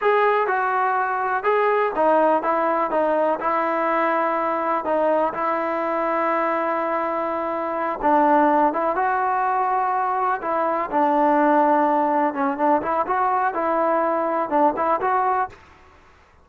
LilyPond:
\new Staff \with { instrumentName = "trombone" } { \time 4/4 \tempo 4 = 124 gis'4 fis'2 gis'4 | dis'4 e'4 dis'4 e'4~ | e'2 dis'4 e'4~ | e'1~ |
e'8 d'4. e'8 fis'4.~ | fis'4. e'4 d'4.~ | d'4. cis'8 d'8 e'8 fis'4 | e'2 d'8 e'8 fis'4 | }